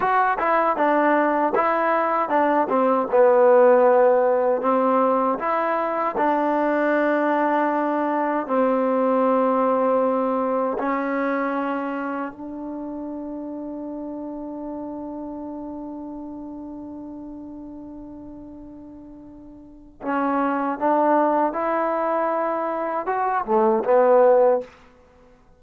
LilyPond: \new Staff \with { instrumentName = "trombone" } { \time 4/4 \tempo 4 = 78 fis'8 e'8 d'4 e'4 d'8 c'8 | b2 c'4 e'4 | d'2. c'4~ | c'2 cis'2 |
d'1~ | d'1~ | d'2 cis'4 d'4 | e'2 fis'8 a8 b4 | }